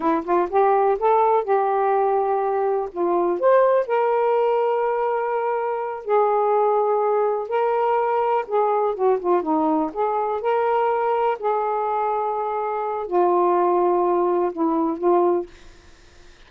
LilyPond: \new Staff \with { instrumentName = "saxophone" } { \time 4/4 \tempo 4 = 124 e'8 f'8 g'4 a'4 g'4~ | g'2 f'4 c''4 | ais'1~ | ais'8 gis'2. ais'8~ |
ais'4. gis'4 fis'8 f'8 dis'8~ | dis'8 gis'4 ais'2 gis'8~ | gis'2. f'4~ | f'2 e'4 f'4 | }